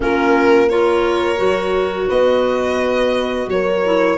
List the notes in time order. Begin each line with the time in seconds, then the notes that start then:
0.00 A#3 C#4 F4 A#4
0.69 F4 A#4 C#5
1.36 F#3 F#4
2.09 B3 B4 D#5
3.47 F#3 A#4 C#5
3.85 E4